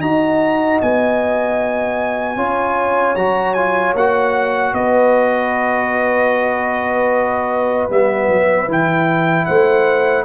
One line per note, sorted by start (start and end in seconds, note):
0.00 0.79 D#4
0.00 2.37 F#4
0.00 2.37 D#5
0.00 0.80 A#5
0.81 2.36 B3
0.81 3.16 G#5
2.36 3.15 C#4
2.36 3.16 F4
2.36 4.74 C#5
3.15 3.94 F#3
3.15 3.56 F#4
3.15 3.54 A#5
3.54 3.96 F4
3.54 3.93 G#5
3.94 4.73 A#3
3.94 7.90 F#4
3.94 4.74 F#5
4.73 7.89 B3
4.73 9.47 B4
4.73 7.90 D#5
7.90 8.28 G3
7.90 8.68 B3
7.90 8.70 E5
8.28 8.67 F#3
8.68 9.47 E3
8.68 10.25 E4
8.68 9.45 G5
9.45 10.25 A3
9.45 10.25 C5
9.45 10.24 F#5